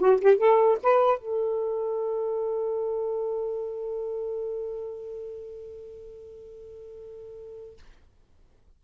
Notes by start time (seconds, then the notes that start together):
0.00 F#4
0.21 G4
0.38 A4
0.84 B4
1.19 A4